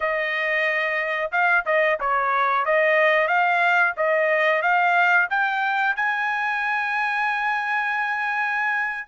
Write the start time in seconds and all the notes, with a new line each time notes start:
0.00 D#5
1.31 F5
1.65 D#5
2.00 C#5
2.65 D#5
3.27 F5
3.97 D#5
4.62 F5
5.30 G5
5.96 G#5